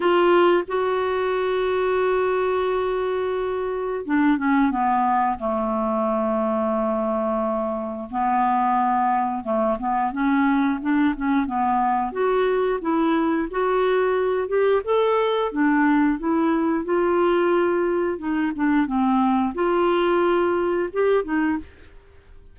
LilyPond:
\new Staff \with { instrumentName = "clarinet" } { \time 4/4 \tempo 4 = 89 f'4 fis'2.~ | fis'2 d'8 cis'8 b4 | a1 | b2 a8 b8 cis'4 |
d'8 cis'8 b4 fis'4 e'4 | fis'4. g'8 a'4 d'4 | e'4 f'2 dis'8 d'8 | c'4 f'2 g'8 dis'8 | }